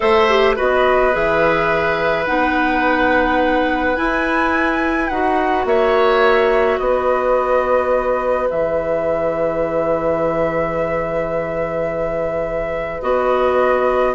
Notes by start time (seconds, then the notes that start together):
0.00 A3 A4 C5 E5
0.28 G4
0.56 B3 F#4 B4 D#5
1.12 E3 G#4 E5
2.26 B3 D#4 F#5
3.95 E4 G#5
5.08 D#4 F#4 F#5
5.65 A#3 C#5 E5
6.78 B3 B4 D#5
8.50 E3 G#4 E5
13.01 B3 F#4 D#5